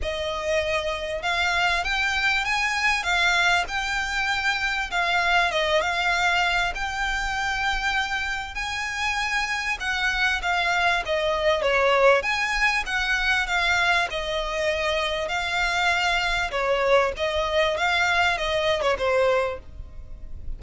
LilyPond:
\new Staff \with { instrumentName = "violin" } { \time 4/4 \tempo 4 = 98 dis''2 f''4 g''4 | gis''4 f''4 g''2 | f''4 dis''8 f''4. g''4~ | g''2 gis''2 |
fis''4 f''4 dis''4 cis''4 | gis''4 fis''4 f''4 dis''4~ | dis''4 f''2 cis''4 | dis''4 f''4 dis''8. cis''16 c''4 | }